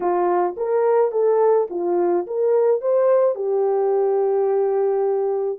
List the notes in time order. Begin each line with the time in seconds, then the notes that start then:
0.00 F4
0.56 A#4
1.11 A4
1.70 F4
2.26 A#4
2.81 C5
3.35 G4